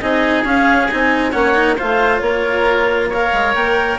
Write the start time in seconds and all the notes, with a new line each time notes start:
0.00 C4 D#4 G#4 D#5
0.43 C#4 F5
0.90 C4 D#4 G#5
1.31 A#3 C#4 C#5 F#5
1.54 D#4
1.76 A3 F4 C5 F5
2.19 A#3 A#4 C#5
3.09 A#4 C#5 F5
3.33 G#3
3.54 A#3 G5